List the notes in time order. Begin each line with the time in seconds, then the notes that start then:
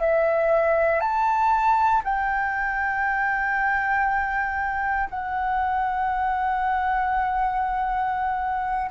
0.00 E5
1.00 A5
2.04 G5
5.09 F#5